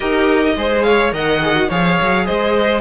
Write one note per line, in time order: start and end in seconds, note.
0.00 0.56 D#4
0.00 0.56 G4
0.00 0.53 A#4
0.00 0.83 D#5
0.56 1.12 G#3
0.56 1.11 G#4
0.56 0.85 C5
0.83 1.13 C#5
0.83 1.11 F5
1.11 1.68 D#3
1.11 1.40 A#4
1.11 1.68 D#5
1.11 1.70 F#5
1.41 1.55 G#4
1.55 1.69 F#4
1.68 1.98 F3
1.68 2.81 G#4
1.68 2.25 C#5
1.68 2.26 F5
2.00 2.29 F#3
2.25 2.81 G#3
2.25 2.81 C5
2.25 2.81 D#5